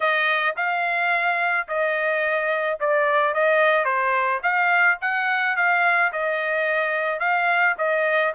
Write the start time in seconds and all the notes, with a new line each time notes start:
0.00 D#5
0.56 F5
1.68 D#5
2.80 D5
3.34 D#5
3.84 C5
4.42 F5
5.01 F#5
5.56 F5
6.12 D#5
7.19 F5
7.78 D#5